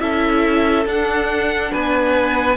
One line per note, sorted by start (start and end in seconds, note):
0.00 0.86 C#4
0.00 0.86 E4
0.00 1.72 A4
0.00 0.86 E5
0.86 1.72 D4
0.86 2.57 D4
0.86 1.74 F#5
1.72 2.57 B3
1.72 2.57 B4
1.72 2.57 G#5